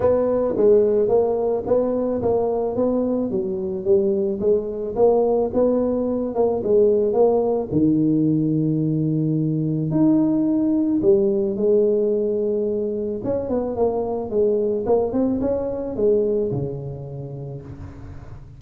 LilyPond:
\new Staff \with { instrumentName = "tuba" } { \time 4/4 \tempo 4 = 109 b4 gis4 ais4 b4 | ais4 b4 fis4 g4 | gis4 ais4 b4. ais8 | gis4 ais4 dis2~ |
dis2 dis'2 | g4 gis2. | cis'8 b8 ais4 gis4 ais8 c'8 | cis'4 gis4 cis2 | }